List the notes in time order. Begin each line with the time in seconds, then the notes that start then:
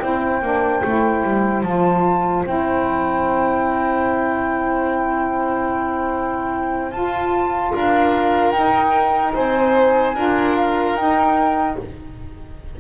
0.00 C4 E4 C5 G5
0.42 A#3 D4
0.84 A3 E4
1.24 G3
1.63 F3 F4 A5
2.46 C4 E4 G5
6.92 F4 A5
7.73 D4 A#4 F5
8.51 D#4 G5
9.34 C4 C5 G#5
10.15 D4 F4 A#4
10.56 F5
10.95 D#4 G5